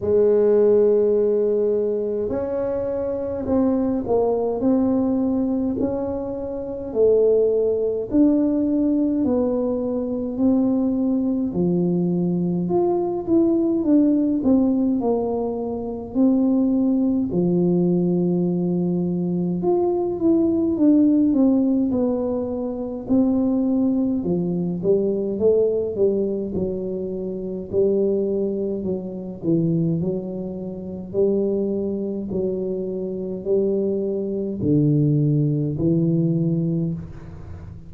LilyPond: \new Staff \with { instrumentName = "tuba" } { \time 4/4 \tempo 4 = 52 gis2 cis'4 c'8 ais8 | c'4 cis'4 a4 d'4 | b4 c'4 f4 f'8 e'8 | d'8 c'8 ais4 c'4 f4~ |
f4 f'8 e'8 d'8 c'8 b4 | c'4 f8 g8 a8 g8 fis4 | g4 fis8 e8 fis4 g4 | fis4 g4 d4 e4 | }